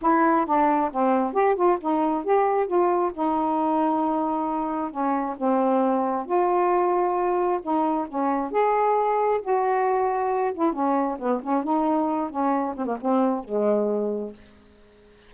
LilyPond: \new Staff \with { instrumentName = "saxophone" } { \time 4/4 \tempo 4 = 134 e'4 d'4 c'4 g'8 f'8 | dis'4 g'4 f'4 dis'4~ | dis'2. cis'4 | c'2 f'2~ |
f'4 dis'4 cis'4 gis'4~ | gis'4 fis'2~ fis'8 e'8 | cis'4 b8 cis'8 dis'4. cis'8~ | cis'8 c'16 ais16 c'4 gis2 | }